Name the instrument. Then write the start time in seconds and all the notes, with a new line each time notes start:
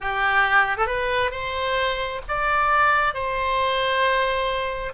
oboe
0.01 G4
0.77 A4
0.86 B4
1.31 C5
2.28 D5
3.14 C5